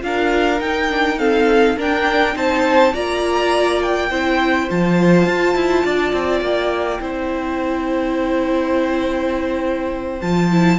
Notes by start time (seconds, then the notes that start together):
0.00 D4 F4 A#4 F5
0.59 D#4 G5
0.88 D4
1.18 C4 A4 F5
1.76 D4 A#4 G5
2.33 C4 D#4 C5 A5
2.93 A#3 F4 D5 A#5
3.82 G5
4.10 C4 E4 C5
4.69 F3 F4 A5
5.26 F4
5.55 E4
5.84 D4 D5
6.12 C4
6.41 A#3 G5
7.00 C4 E4 C5
10.21 F3 F4 A5
10.51 E4